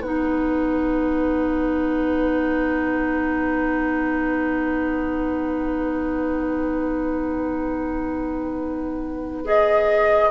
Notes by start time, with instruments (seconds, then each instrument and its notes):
0.00 bassoon B3, clarinet D#4, oboe B4, flute F#5
9.46 clarinet G#4, flute D#5